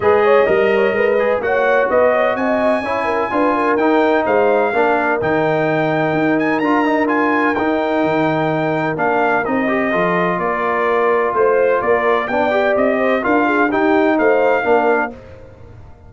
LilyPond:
<<
  \new Staff \with { instrumentName = "trumpet" } { \time 4/4 \tempo 4 = 127 dis''2. fis''4 | dis''4 gis''2. | g''4 f''2 g''4~ | g''4. gis''8 ais''4 gis''4 |
g''2. f''4 | dis''2 d''2 | c''4 d''4 g''4 dis''4 | f''4 g''4 f''2 | }
  \new Staff \with { instrumentName = "horn" } { \time 4/4 b'8 cis''8 dis''8 cis''8 b'4 cis''4 | b'8 cis''8 dis''4 cis''8 ais'8 b'8 ais'8~ | ais'4 c''4 ais'2~ | ais'1~ |
ais'1~ | ais'4 a'4 ais'2 | c''4 ais'4 d''4. c''8 | ais'8 gis'8 g'4 c''4 ais'4 | }
  \new Staff \with { instrumentName = "trombone" } { \time 4/4 gis'4 ais'4. gis'8 fis'4~ | fis'2 e'4 f'4 | dis'2 d'4 dis'4~ | dis'2 f'8 dis'8 f'4 |
dis'2. d'4 | dis'8 g'8 f'2.~ | f'2 d'8 g'4. | f'4 dis'2 d'4 | }
  \new Staff \with { instrumentName = "tuba" } { \time 4/4 gis4 g4 gis4 ais4 | b4 c'4 cis'4 d'4 | dis'4 gis4 ais4 dis4~ | dis4 dis'4 d'2 |
dis'4 dis2 ais4 | c'4 f4 ais2 | a4 ais4 b4 c'4 | d'4 dis'4 a4 ais4 | }
>>